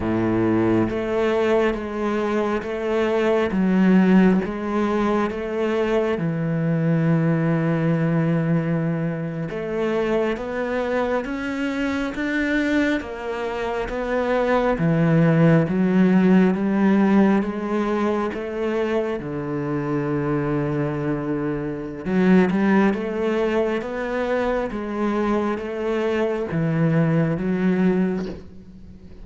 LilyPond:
\new Staff \with { instrumentName = "cello" } { \time 4/4 \tempo 4 = 68 a,4 a4 gis4 a4 | fis4 gis4 a4 e4~ | e2~ e8. a4 b16~ | b8. cis'4 d'4 ais4 b16~ |
b8. e4 fis4 g4 gis16~ | gis8. a4 d2~ d16~ | d4 fis8 g8 a4 b4 | gis4 a4 e4 fis4 | }